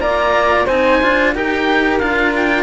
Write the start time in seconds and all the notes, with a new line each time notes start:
0.00 A#3 F4 D5 A#5
0.66 C4 D#4 C5 G#5
1.03 D4 F4
1.35 D#4 G4 A#4 G5
1.99 D4 F4 F5
2.36 G5